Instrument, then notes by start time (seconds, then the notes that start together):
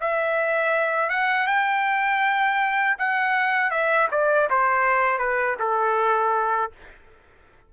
trumpet
0.00 E5
1.10 F#5
1.47 G5
2.98 F#5
3.71 E5
4.11 D5
4.50 C5
5.18 B4
5.59 A4